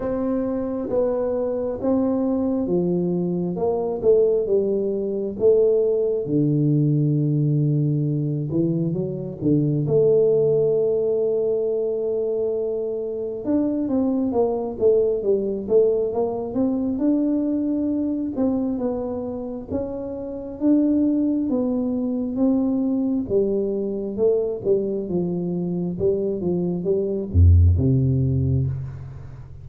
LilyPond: \new Staff \with { instrumentName = "tuba" } { \time 4/4 \tempo 4 = 67 c'4 b4 c'4 f4 | ais8 a8 g4 a4 d4~ | d4. e8 fis8 d8 a4~ | a2. d'8 c'8 |
ais8 a8 g8 a8 ais8 c'8 d'4~ | d'8 c'8 b4 cis'4 d'4 | b4 c'4 g4 a8 g8 | f4 g8 f8 g8 f,8 c4 | }